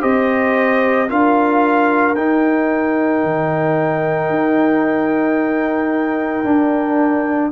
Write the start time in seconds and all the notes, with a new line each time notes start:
0.00 C4 G4 C5 D#5
1.08 D4 F4 A#4 F5
2.15 D#4 G5
3.23 D#3
4.29 D#4
6.44 D4